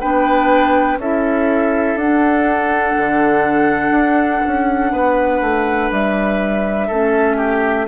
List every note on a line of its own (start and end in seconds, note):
0.00 0.98 B3
0.00 0.99 D4
0.00 0.98 B4
0.00 0.99 G5
0.98 1.95 C#4
0.98 1.99 E4
0.98 4.92 A4
0.98 1.98 E5
1.95 2.94 D4
1.95 6.91 D4
1.95 5.92 F#5
2.97 3.91 D3
3.91 4.40 D4
4.47 4.92 C#4
4.92 5.41 B3
4.92 6.87 B4
5.41 5.90 A3
5.91 6.90 G3
5.91 7.88 E5
6.87 7.88 A3
6.87 7.88 C#4
6.87 7.37 A4
7.37 7.86 G4